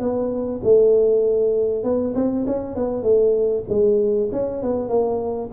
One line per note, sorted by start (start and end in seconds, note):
0.00 0.61 B3
0.64 1.84 A3
1.84 2.14 B3
2.15 2.46 C4
2.47 2.76 C#4
2.76 3.03 B3
3.03 3.64 A3
3.69 4.30 G#3
4.32 4.63 C#4
4.63 4.89 B3
4.89 5.50 A#3